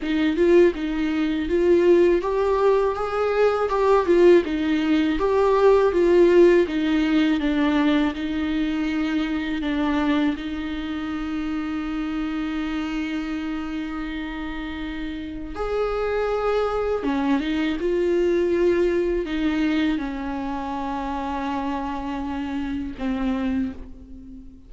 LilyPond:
\new Staff \with { instrumentName = "viola" } { \time 4/4 \tempo 4 = 81 dis'8 f'8 dis'4 f'4 g'4 | gis'4 g'8 f'8 dis'4 g'4 | f'4 dis'4 d'4 dis'4~ | dis'4 d'4 dis'2~ |
dis'1~ | dis'4 gis'2 cis'8 dis'8 | f'2 dis'4 cis'4~ | cis'2. c'4 | }